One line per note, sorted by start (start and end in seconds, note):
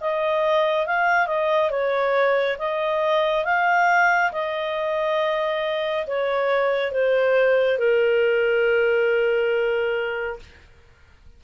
0.00 0.86 D#5
0.86 1.26 F5
1.26 1.70 D#5
1.70 2.57 C#5
2.58 3.45 D#5
3.45 4.32 F5
4.32 6.06 D#5
6.06 6.91 C#5
6.91 7.78 C5
7.78 10.39 A#4